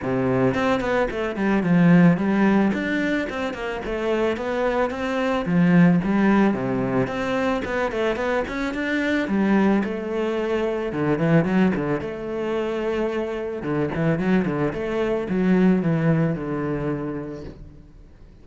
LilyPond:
\new Staff \with { instrumentName = "cello" } { \time 4/4 \tempo 4 = 110 c4 c'8 b8 a8 g8 f4 | g4 d'4 c'8 ais8 a4 | b4 c'4 f4 g4 | c4 c'4 b8 a8 b8 cis'8 |
d'4 g4 a2 | d8 e8 fis8 d8 a2~ | a4 d8 e8 fis8 d8 a4 | fis4 e4 d2 | }